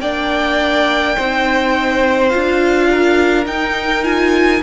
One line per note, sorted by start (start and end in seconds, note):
0.00 1.16 A#3
0.00 1.17 D4
0.00 1.15 D5
0.00 2.29 G5
1.15 2.34 C4
1.15 2.30 D#4
1.15 2.88 C5
2.29 3.45 F4
2.29 3.44 F5
2.35 3.46 D4
2.90 4.62 A#4
3.45 4.03 D#4
3.45 4.61 D#4
3.45 4.04 G5
4.03 4.61 F4
4.03 4.62 G#5